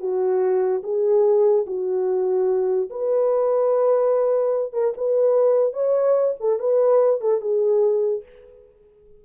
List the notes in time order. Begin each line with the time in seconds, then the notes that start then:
0.00 F#4
0.83 G#4
1.66 F#4
2.90 B4
4.73 A#4
4.97 B4
5.73 C#5
6.40 A4
6.59 B4
7.20 A4
7.40 G#4